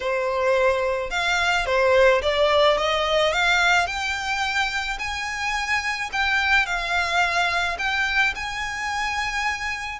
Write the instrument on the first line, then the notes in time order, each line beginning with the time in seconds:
violin
0.00 C5
1.10 F5
1.65 C5
2.22 D5
2.77 D#5
3.33 F5
3.86 G5
4.98 G#5
6.12 G5
6.65 F5
7.78 G5
8.35 G#5